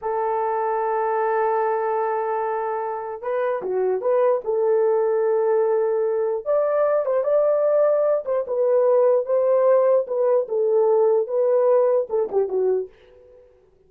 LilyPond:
\new Staff \with { instrumentName = "horn" } { \time 4/4 \tempo 4 = 149 a'1~ | a'1 | b'4 fis'4 b'4 a'4~ | a'1 |
d''4. c''8 d''2~ | d''8 c''8 b'2 c''4~ | c''4 b'4 a'2 | b'2 a'8 g'8 fis'4 | }